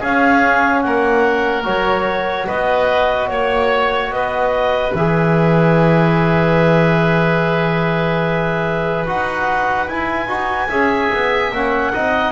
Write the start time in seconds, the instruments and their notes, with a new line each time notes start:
0.00 trombone C#4, double bass C#4, oboe G#4, clarinet F5
0.81 double bass A#3, oboe A#4, clarinet F#5
1.64 double bass F#3, trombone F#4, clarinet C#5
2.47 double bass B3, oboe B4, clarinet D#5
3.28 double bass A#3, clarinet C#5, oboe C#5
4.10 double bass B3, oboe B4, clarinet D#5
4.94 double bass E3, trombone G#4, clarinet E5
9.07 double bass D#4, trombone F#4, clarinet F#5
9.87 double bass E4, trombone E4, clarinet G#5
10.26 double bass D#4, trombone F#4
10.68 double bass C#4, trombone G#4, oboe E5
11.13 double bass B3
11.52 double bass A#3, trombone C#4, clarinet F#5
11.93 double bass C4, trombone D#4, oboe D#5